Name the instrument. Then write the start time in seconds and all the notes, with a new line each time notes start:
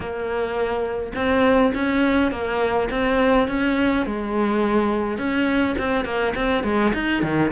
cello
0.00 A#3
1.15 C4
1.74 C#4
2.31 A#3
2.90 C4
3.48 C#4
4.06 G#3
5.18 C#4
5.77 C4
6.04 A#3
6.35 C4
6.63 G#3
6.93 D#4
7.22 D#3